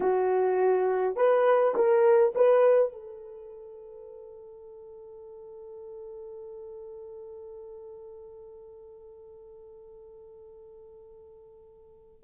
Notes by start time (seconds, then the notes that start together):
0.00 F#4
1.16 B4
1.75 A#4
2.35 B4
2.92 A4